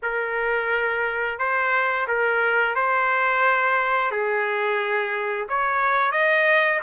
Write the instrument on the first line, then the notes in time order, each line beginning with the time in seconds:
trumpet
0.02 A#4
1.38 C5
2.07 A#4
2.75 C5
4.11 G#4
5.49 C#5
6.11 D#5